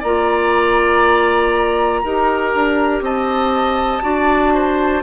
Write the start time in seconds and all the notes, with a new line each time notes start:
0.00 A#3 F4 D5 A#5
2.04 D#4 G4 A#4
2.55 D4
3.01 C4 D#5 A5
4.03 D4 F#4 D5
4.54 C5